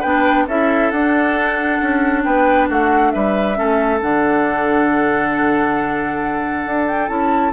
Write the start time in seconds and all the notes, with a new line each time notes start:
0.00 B3 D4 B4 G5
0.47 C#4 E4 A4 E5
0.91 D4 F#5
1.81 C#4
2.24 B3 B4 G5
2.69 A3 F#4 F#5
3.11 G3 B4 E5
3.55 A3 C#4 A4
4.02 D3 D4 F#5
6.66 D4
6.87 G5
7.08 C#4 E4 A5